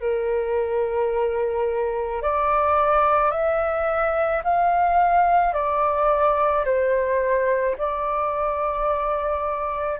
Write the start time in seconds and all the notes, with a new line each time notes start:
0.00 A#4
2.22 D5
3.31 E5
4.43 F5
5.54 D5
6.65 C5
7.78 D5